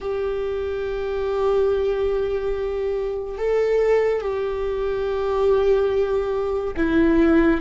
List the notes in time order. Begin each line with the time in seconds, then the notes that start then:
0.00 G4
3.38 A4
4.21 G4
6.76 E4